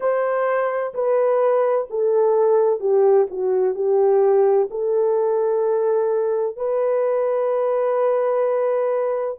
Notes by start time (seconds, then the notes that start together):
0.00 C5
0.94 B4
1.90 A4
2.80 G4
3.30 F#4
3.75 G4
4.70 A4
6.56 B4